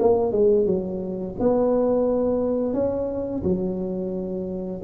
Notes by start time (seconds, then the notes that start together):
0.00 A#3
0.32 G#3
0.66 F#3
1.40 B3
2.74 C#4
3.43 F#3